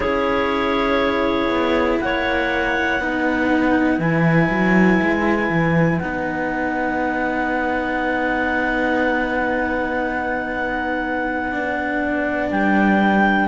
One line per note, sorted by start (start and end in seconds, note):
0.00 1.48 C#4
0.00 2.99 E4
0.00 2.00 G#4
0.00 1.99 C#5
1.48 1.98 B3
2.00 2.99 A#3
2.00 3.03 C#5
2.00 3.99 F#5
2.99 3.98 B3
2.99 4.00 D#4
2.99 13.48 B4
3.98 4.48 E3
3.98 6.00 E4
3.98 5.99 G#5
4.50 5.00 F#3
5.01 5.49 G#3
5.49 5.99 E3
5.99 12.50 B3
5.99 11.51 D#4
5.99 12.49 F#5
11.51 13.48 D4
12.50 13.48 G3
12.50 13.48 G5